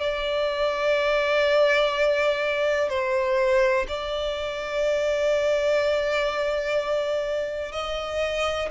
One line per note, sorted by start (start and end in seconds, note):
0.00 2.89 D5
2.89 3.86 C5
3.88 7.72 D5
7.72 8.69 D#5